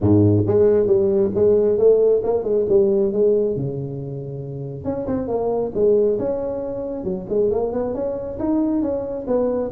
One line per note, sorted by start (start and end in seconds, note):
0.00 0.44 G#2
0.46 0.86 G#3
0.86 1.30 G3
1.34 1.78 G#3
1.78 2.22 A3
2.23 2.43 A#3
2.43 2.66 G#3
2.69 3.12 G3
3.12 3.56 G#3
3.56 4.84 C#3
4.84 5.06 C#4
5.06 5.27 C4
5.27 5.71 A#3
5.74 6.18 G#3
6.18 7.04 C#4
7.04 7.26 F#3
7.29 7.51 G#3
7.51 7.72 A#3
7.72 7.94 B3
7.94 8.38 C#4
8.39 8.81 D#4
8.81 9.25 C#4
9.27 9.71 B3